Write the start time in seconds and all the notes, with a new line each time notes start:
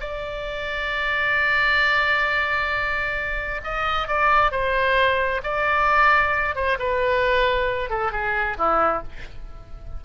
0.00 D5
3.63 D#5
4.07 D5
4.51 C5
5.43 D5
6.55 C5
6.79 B4
7.90 A4
8.12 G#4
8.58 E4